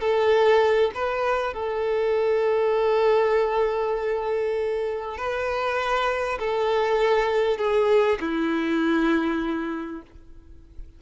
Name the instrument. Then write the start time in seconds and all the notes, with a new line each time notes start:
violin
0.00 A4
0.94 B4
1.53 A4
5.17 B4
6.39 A4
7.58 G#4
8.20 E4